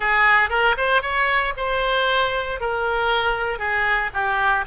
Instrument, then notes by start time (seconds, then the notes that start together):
oboe
0.00 G#4
0.49 A#4
0.77 C5
1.01 C#5
1.56 C5
2.60 A#4
3.58 G#4
4.13 G4